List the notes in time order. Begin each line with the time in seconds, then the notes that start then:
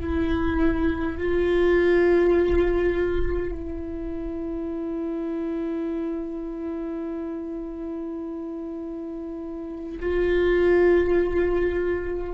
0.00 E4
1.18 F4
3.52 E4
10.00 F4